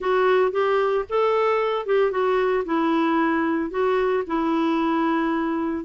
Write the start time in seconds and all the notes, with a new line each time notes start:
0.00 F#4
0.51 G4
1.09 A4
1.86 G4
2.11 F#4
2.65 E4
3.70 F#4
4.26 E4